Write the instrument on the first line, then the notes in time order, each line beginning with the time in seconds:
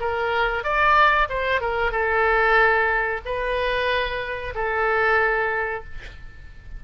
oboe
0.00 A#4
0.63 D5
1.29 C5
1.61 A#4
1.92 A4
3.25 B4
4.55 A4